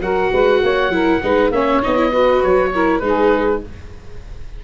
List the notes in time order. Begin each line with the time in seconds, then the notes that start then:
0.00 F#3 F#4 A#4 F#5
0.31 G#3 B4
0.63 A#3 C#5
0.89 F#3 E4 A#4
1.22 G#3 D#4 B4
1.51 A#3 C#4 C#5 E5
1.83 B3 D#4 D#5
1.96 E4
2.10 F#4 B4
2.43 F#3 C#5
2.74 E4 A#4
3.00 G#3 D#4 G#4 B4